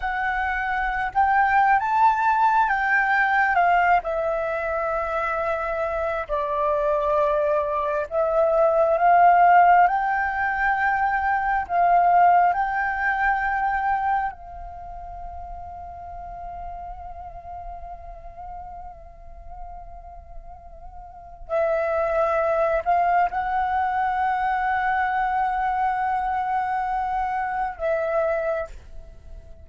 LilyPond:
\new Staff \with { instrumentName = "flute" } { \time 4/4 \tempo 4 = 67 fis''4~ fis''16 g''8. a''4 g''4 | f''8 e''2~ e''8 d''4~ | d''4 e''4 f''4 g''4~ | g''4 f''4 g''2 |
f''1~ | f''1 | e''4. f''8 fis''2~ | fis''2. e''4 | }